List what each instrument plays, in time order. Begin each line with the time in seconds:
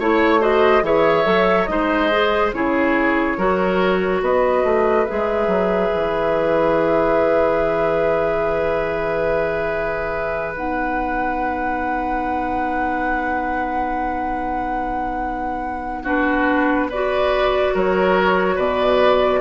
0.00 bassoon A3, clarinet E4, oboe C#5, flute C#5
0.40 clarinet F#4, oboe C5, flute D#5
0.83 bassoon E3, clarinet G#4, oboe C#5, flute E5
1.25 bassoon F#3, clarinet A4
1.66 bassoon G#3, clarinet D#4, oboe C5, flute D#5
2.12 clarinet G#4
2.53 bassoon C#3, clarinet E4, oboe G#4, flute C#5
3.38 bassoon F#3, clarinet F#4, oboe A#4
4.22 bassoon B3, oboe B4, flute D#5
4.64 bassoon A3
5.06 bassoon G#3, clarinet G#4, flute E5
5.48 bassoon F#3
5.95 bassoon E3
10.55 bassoon B3, clarinet D#4, flute F#5
16.03 clarinet D4, oboe F#4, flute B4
16.90 clarinet F#4, oboe B4, flute D5
17.74 bassoon F#3, oboe A#4, flute C#5
18.56 bassoon B2, oboe B4, flute D5